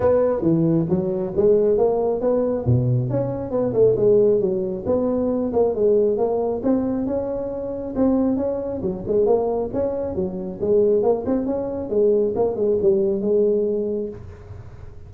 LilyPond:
\new Staff \with { instrumentName = "tuba" } { \time 4/4 \tempo 4 = 136 b4 e4 fis4 gis4 | ais4 b4 b,4 cis'4 | b8 a8 gis4 fis4 b4~ | b8 ais8 gis4 ais4 c'4 |
cis'2 c'4 cis'4 | fis8 gis8 ais4 cis'4 fis4 | gis4 ais8 c'8 cis'4 gis4 | ais8 gis8 g4 gis2 | }